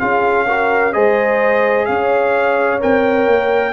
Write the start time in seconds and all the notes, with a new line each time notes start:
0.00 C#4 F4 G#4 F5
0.48 F#4 A#4
0.93 G#3 G#4 C5 D#5
1.86 C#4 C#5 F5
2.80 C4 A#4 G5
3.28 A#3